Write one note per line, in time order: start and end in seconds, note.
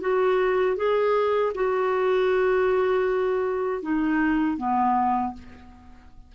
0.00 0.76 F#4
0.76 1.52 G#4
1.54 3.82 F#4
3.82 4.57 D#4
4.57 5.33 B3